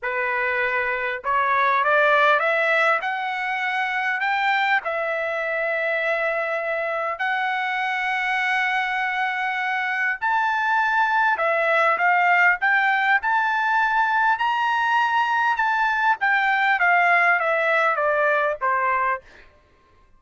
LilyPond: \new Staff \with { instrumentName = "trumpet" } { \time 4/4 \tempo 4 = 100 b'2 cis''4 d''4 | e''4 fis''2 g''4 | e''1 | fis''1~ |
fis''4 a''2 e''4 | f''4 g''4 a''2 | ais''2 a''4 g''4 | f''4 e''4 d''4 c''4 | }